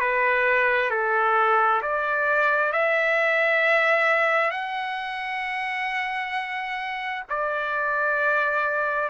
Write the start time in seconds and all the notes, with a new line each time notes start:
0.00 B4
0.91 A4
1.82 D5
2.73 E5
4.51 F#5
7.29 D5